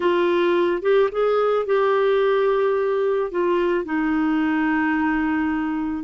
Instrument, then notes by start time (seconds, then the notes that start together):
clarinet
0.00 F4
0.82 G4
1.11 G#4
1.66 G4
3.31 F4
3.84 D#4